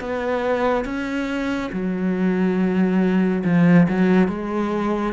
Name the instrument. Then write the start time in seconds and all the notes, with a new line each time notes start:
cello
0.00 B3
0.85 C#4
1.72 F#3
3.44 F3
3.88 F#3
4.28 G#3